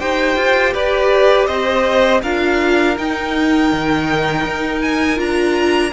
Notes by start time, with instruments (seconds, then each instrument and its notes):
0.00 cello D#4, viola G4, violin C5 G5
0.37 cello F4
0.74 cello G4, violin B4 D5
1.47 cello C4, violin C5 D#5
2.22 cello D4, viola F4, violin A#4 F5
2.98 viola D#4, cello D#4, violin G5
3.73 cello D#3
4.46 cello D#4
4.82 violin G#5
5.17 cello D4, viola F4, violin A#5